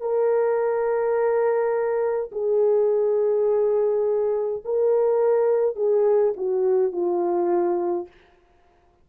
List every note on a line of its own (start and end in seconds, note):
0.00 2.31 A#4
2.32 4.63 G#4
4.65 5.76 A#4
5.76 6.34 G#4
6.37 6.92 F#4
6.92 8.08 F4